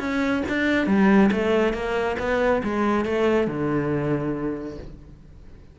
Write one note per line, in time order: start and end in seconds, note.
0.00 0.43 C#4
0.49 0.87 D4
0.87 1.31 G3
1.32 1.74 A3
1.74 2.17 A#3
2.20 2.63 B3
2.64 3.05 G#3
3.05 3.48 A3
3.48 4.78 D3